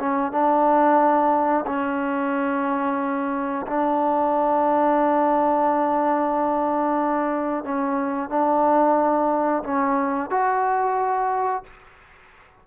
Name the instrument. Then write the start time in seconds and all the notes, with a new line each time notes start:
trombone
0.00 C#4
0.32 D4
1.67 C#4
3.67 D4
7.65 C#4
8.30 D4
9.64 C#4
10.31 F#4